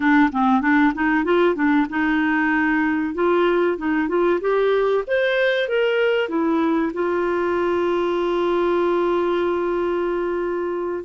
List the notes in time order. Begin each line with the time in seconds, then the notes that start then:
0.00 D4
0.32 C4
0.61 D4
0.94 D#4
1.24 F4
1.55 D4
1.89 D#4
3.14 F4
3.77 D#4
4.08 F4
4.40 G4
5.07 C5
5.68 A#4
6.28 E4
6.93 F4